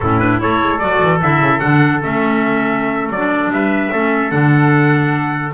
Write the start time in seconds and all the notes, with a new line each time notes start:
0.00 A2 C#4 E4 A4
0.19 D4 B4
0.38 A3 E4 A4 C#5
0.61 G#3
0.78 F#3 F#4 D5
1.02 E3
1.21 D3 E4 E5
1.40 C#3
1.59 D3 D4 F#5
2.02 A3 C#4 E5
3.10 F#3 D5
3.16 D4
3.50 G3 B4 E5
3.92 A3 C#4 A4
4.30 D3 D4 F#5